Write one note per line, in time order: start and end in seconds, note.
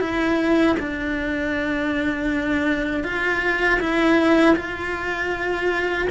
0.00 0.76 E4
0.79 3.04 D4
3.04 3.80 F4
3.80 4.56 E4
4.56 6.08 F4